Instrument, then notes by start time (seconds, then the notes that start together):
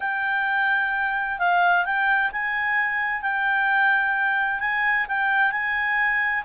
clarinet
0.00 G5
1.38 F5
1.85 G5
2.31 G#5
3.22 G5
4.60 G#5
5.07 G5
5.51 G#5